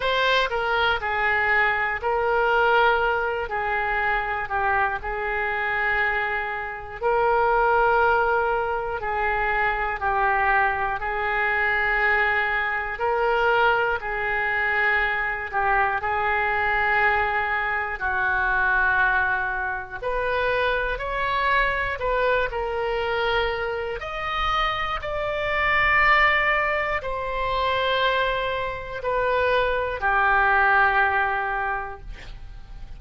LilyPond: \new Staff \with { instrumentName = "oboe" } { \time 4/4 \tempo 4 = 60 c''8 ais'8 gis'4 ais'4. gis'8~ | gis'8 g'8 gis'2 ais'4~ | ais'4 gis'4 g'4 gis'4~ | gis'4 ais'4 gis'4. g'8 |
gis'2 fis'2 | b'4 cis''4 b'8 ais'4. | dis''4 d''2 c''4~ | c''4 b'4 g'2 | }